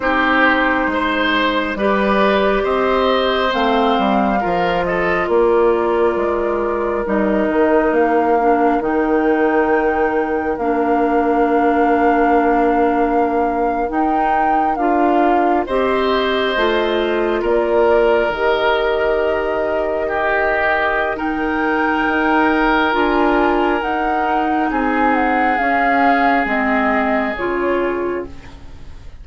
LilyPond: <<
  \new Staff \with { instrumentName = "flute" } { \time 4/4 \tempo 4 = 68 c''2 d''4 dis''4 | f''4. dis''8 d''2 | dis''4 f''4 g''2 | f''2.~ f''8. g''16~ |
g''8. f''4 dis''2 d''16~ | d''8. dis''2.~ dis''16 | g''2 gis''4 fis''4 | gis''8 fis''8 f''4 dis''4 cis''4 | }
  \new Staff \with { instrumentName = "oboe" } { \time 4/4 g'4 c''4 b'4 c''4~ | c''4 ais'8 a'8 ais'2~ | ais'1~ | ais'1~ |
ais'4.~ ais'16 c''2 ais'16~ | ais'2~ ais'8. g'4~ g'16 | ais'1 | gis'1 | }
  \new Staff \with { instrumentName = "clarinet" } { \time 4/4 dis'2 g'2 | c'4 f'2. | dis'4. d'8 dis'2 | d'2.~ d'8. dis'16~ |
dis'8. f'4 g'4 f'4~ f'16~ | f'8. g'2.~ g'16 | dis'2 f'4 dis'4~ | dis'4 cis'4 c'4 f'4 | }
  \new Staff \with { instrumentName = "bassoon" } { \time 4/4 c'4 gis4 g4 c'4 | a8 g8 f4 ais4 gis4 | g8 dis8 ais4 dis2 | ais2.~ ais8. dis'16~ |
dis'8. d'4 c'4 a4 ais16~ | ais8. dis2.~ dis16~ | dis4 dis'4 d'4 dis'4 | c'4 cis'4 gis4 cis4 | }
>>